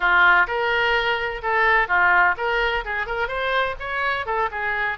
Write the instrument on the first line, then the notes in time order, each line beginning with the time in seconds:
oboe
0.00 F4
0.47 A#4
1.42 A4
1.87 F4
2.37 A#4
2.85 G#4
3.06 A#4
3.28 C5
3.79 C#5
4.25 A4
4.51 G#4